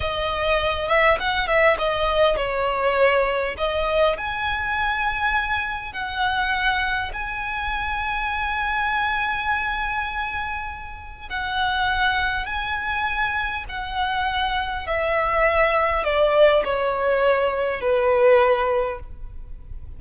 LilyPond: \new Staff \with { instrumentName = "violin" } { \time 4/4 \tempo 4 = 101 dis''4. e''8 fis''8 e''8 dis''4 | cis''2 dis''4 gis''4~ | gis''2 fis''2 | gis''1~ |
gis''2. fis''4~ | fis''4 gis''2 fis''4~ | fis''4 e''2 d''4 | cis''2 b'2 | }